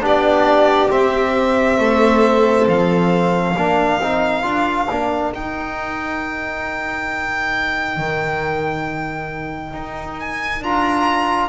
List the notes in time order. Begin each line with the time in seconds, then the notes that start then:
0.00 B3 D4 G4 D5
0.90 C4 E5
1.78 A3 A4
2.67 F3 F5
3.56 A#3 D4 A#4
3.99 C4 D#4
4.42 D4 F4
4.89 A#3 D4
5.33 D#4 G5
7.96 D#3
9.73 D#4
10.19 G#5
10.60 D4 F4 A#5